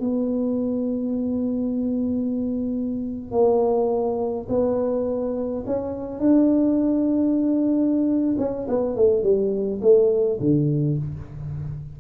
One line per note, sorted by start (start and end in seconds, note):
0.00 3.31 B3
3.31 4.47 A#3
4.48 5.64 B3
5.66 6.20 C#4
6.20 8.36 D4
8.38 8.67 C#4
8.68 8.96 B3
8.96 9.22 A3
9.22 9.80 G3
9.81 10.39 A3
10.40 10.98 D3